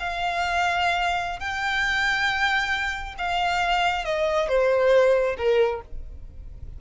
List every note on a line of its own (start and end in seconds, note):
0.00 1.40 F5
1.40 3.15 G5
3.18 4.05 F5
4.05 4.49 D#5
4.49 5.36 C5
5.38 5.81 A#4